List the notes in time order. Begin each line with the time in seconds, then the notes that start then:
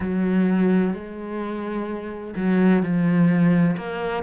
0.00 F#3
0.93 G#3
2.36 F#3
2.82 F3
3.77 A#3